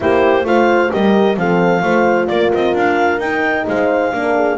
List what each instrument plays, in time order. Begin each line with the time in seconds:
0.00 double bass A#3, horn E4 G4, clarinet C5
0.44 double bass A3, horn F4 C5, clarinet F5
0.90 double bass G3, horn G4 A#4, clarinet D#5
1.37 double bass F3, horn C4 A4, clarinet F5
1.82 double bass A3, horn F4 C5
2.27 double bass A#3, horn A#4, clarinet D5
2.53 double bass C4, clarinet D#5
2.73 double bass D4, clarinet F5
3.19 double bass D#4, horn D#4, clarinet G5
3.67 double bass G#3, horn C5, clarinet F5
4.12 double bass A#3, horn D4 A#4
4.35 horn G#4